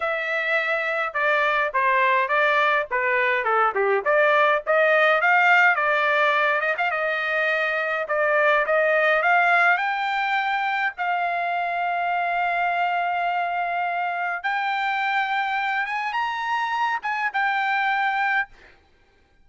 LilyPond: \new Staff \with { instrumentName = "trumpet" } { \time 4/4 \tempo 4 = 104 e''2 d''4 c''4 | d''4 b'4 a'8 g'8 d''4 | dis''4 f''4 d''4. dis''16 f''16 | dis''2 d''4 dis''4 |
f''4 g''2 f''4~ | f''1~ | f''4 g''2~ g''8 gis''8 | ais''4. gis''8 g''2 | }